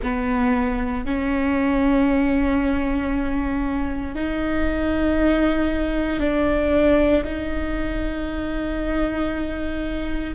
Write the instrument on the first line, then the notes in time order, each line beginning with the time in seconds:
viola
0.02 B3
1.05 C#4
4.15 D#4
6.19 D4
7.24 D#4